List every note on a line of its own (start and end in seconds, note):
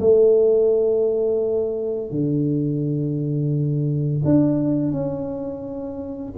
0.00 2.11 A3
2.11 4.23 D3
4.25 4.92 D4
4.92 6.33 C#4